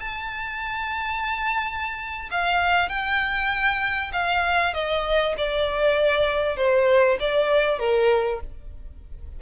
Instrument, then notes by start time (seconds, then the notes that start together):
violin
0.00 A5
2.31 F5
2.89 G5
4.13 F5
4.74 D#5
5.38 D5
6.57 C5
7.20 D5
7.79 A#4